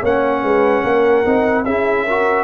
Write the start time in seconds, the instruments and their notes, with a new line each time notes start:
0.00 tuba A#3, trombone C#4, horn C#5, trumpet F#5
0.43 tuba G#3, horn B4
0.84 tuba A#3, horn A#4
1.25 tuba C4, trombone D#4
1.65 tuba C#4, trombone E4, horn G#4, trumpet E5
2.05 trombone F#4, horn A#4